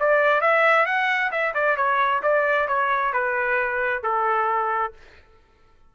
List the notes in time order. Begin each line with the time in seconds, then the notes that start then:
0.00 D5
0.41 E5
0.86 F#5
1.32 E5
1.54 D5
1.77 C#5
2.23 D5
2.68 C#5
3.13 B4
4.03 A4